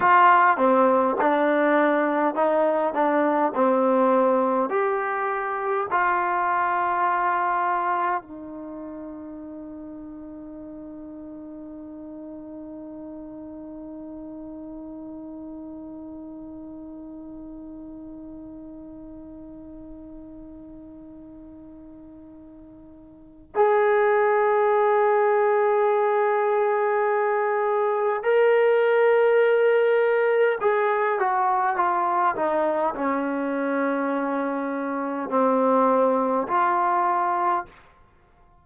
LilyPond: \new Staff \with { instrumentName = "trombone" } { \time 4/4 \tempo 4 = 51 f'8 c'8 d'4 dis'8 d'8 c'4 | g'4 f'2 dis'4~ | dis'1~ | dis'1~ |
dis'1 | gis'1 | ais'2 gis'8 fis'8 f'8 dis'8 | cis'2 c'4 f'4 | }